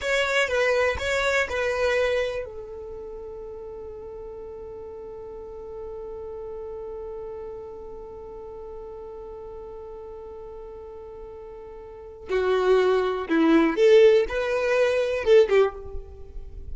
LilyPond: \new Staff \with { instrumentName = "violin" } { \time 4/4 \tempo 4 = 122 cis''4 b'4 cis''4 b'4~ | b'4 a'2.~ | a'1~ | a'1~ |
a'1~ | a'1~ | a'4 fis'2 e'4 | a'4 b'2 a'8 g'8 | }